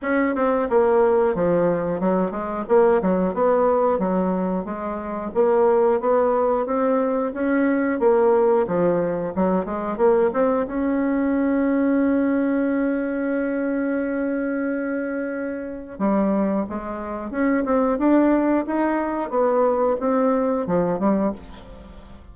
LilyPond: \new Staff \with { instrumentName = "bassoon" } { \time 4/4 \tempo 4 = 90 cis'8 c'8 ais4 f4 fis8 gis8 | ais8 fis8 b4 fis4 gis4 | ais4 b4 c'4 cis'4 | ais4 f4 fis8 gis8 ais8 c'8 |
cis'1~ | cis'1 | g4 gis4 cis'8 c'8 d'4 | dis'4 b4 c'4 f8 g8 | }